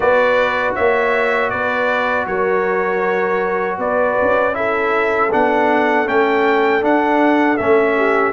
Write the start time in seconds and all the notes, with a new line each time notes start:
0.00 B3 F#4 B4 D5
0.74 A#3 C#5 E5
1.50 B3 B4 D5
2.26 F#3 A#4 C#5
3.78 B3 B4 D5
4.21 C#4
4.53 E4 A4 E5
5.31 B3 D4 F#5
6.06 A3 C#4 G5
6.81 D4 F#5
7.57 A3 C#4 E5
7.96 G4